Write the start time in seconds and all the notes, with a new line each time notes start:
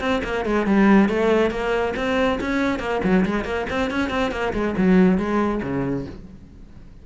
0.00 C4
0.24 A#3
0.45 G#3
0.66 G3
1.09 A3
1.50 A#3
1.96 C4
2.41 C#4
2.79 A#3
3.04 F#3
3.25 G#3
3.45 A#3
3.70 C4
3.90 C#4
4.10 C4
4.31 A#3
4.53 G#3
4.77 F#3
5.18 G#3
5.63 C#3